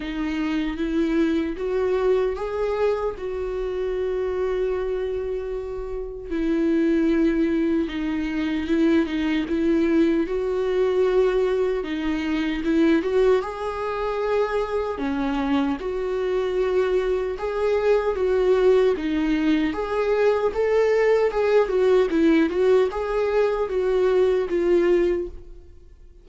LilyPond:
\new Staff \with { instrumentName = "viola" } { \time 4/4 \tempo 4 = 76 dis'4 e'4 fis'4 gis'4 | fis'1 | e'2 dis'4 e'8 dis'8 | e'4 fis'2 dis'4 |
e'8 fis'8 gis'2 cis'4 | fis'2 gis'4 fis'4 | dis'4 gis'4 a'4 gis'8 fis'8 | e'8 fis'8 gis'4 fis'4 f'4 | }